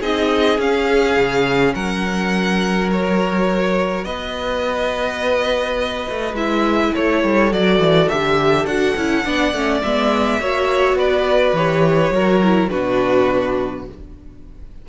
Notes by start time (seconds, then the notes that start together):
0.00 C4 D#4 G#4 D#5
0.58 C#4 F5
1.16 C#3
1.74 F#3 A#4 F#5
2.90 F#4 C#5
4.04 B3 B4 D#5
6.09 A3
6.33 G#3 E4 E5
6.94 A3 A4 C#5
7.24 G3
7.51 F#3 F#4 D5
7.79 E3
8.08 D3 G4 E5
8.65 D4 F#4 F#5
8.96 C#4 E4
9.25 B3 D4 D5
9.53 A3 C#4
9.82 G#3 B3 E5
10.40 A#3 F#4 C#5
10.94 B3 B4 D5
11.53 E3 G4 C#5
12.10 F#3 F#4 A#4
12.42 E4
12.69 B2 D4 F#4 B4